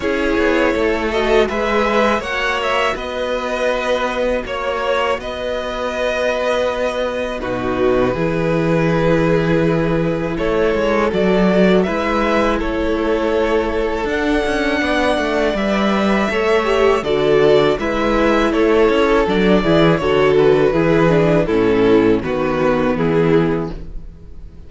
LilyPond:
<<
  \new Staff \with { instrumentName = "violin" } { \time 4/4 \tempo 4 = 81 cis''4. dis''8 e''4 fis''8 e''8 | dis''2 cis''4 dis''4~ | dis''2 b'2~ | b'2 cis''4 d''4 |
e''4 cis''2 fis''4~ | fis''4 e''2 d''4 | e''4 cis''4 d''4 cis''8 b'8~ | b'4 a'4 b'4 gis'4 | }
  \new Staff \with { instrumentName = "violin" } { \time 4/4 gis'4 a'4 b'4 cis''4 | b'2 cis''4 b'4~ | b'2 fis'4 gis'4~ | gis'2 a'2 |
b'4 a'2. | d''2 cis''4 a'4 | b'4 a'4. gis'8 a'4 | gis'4 e'4 fis'4 e'4 | }
  \new Staff \with { instrumentName = "viola" } { \time 4/4 e'4. fis'8 gis'4 fis'4~ | fis'1~ | fis'2 dis'4 e'4~ | e'2. fis'4 |
e'2. d'4~ | d'4 b'4 a'8 g'8 fis'4 | e'2 d'8 e'8 fis'4 | e'8 d'8 cis'4 b2 | }
  \new Staff \with { instrumentName = "cello" } { \time 4/4 cis'8 b8 a4 gis4 ais4 | b2 ais4 b4~ | b2 b,4 e4~ | e2 a8 gis8 fis4 |
gis4 a2 d'8 cis'8 | b8 a8 g4 a4 d4 | gis4 a8 cis'8 fis8 e8 d4 | e4 a,4 dis4 e4 | }
>>